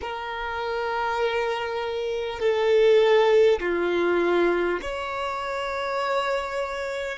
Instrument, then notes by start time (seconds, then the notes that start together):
violin
0.01 A#4
2.39 A4
3.60 F4
4.81 C#5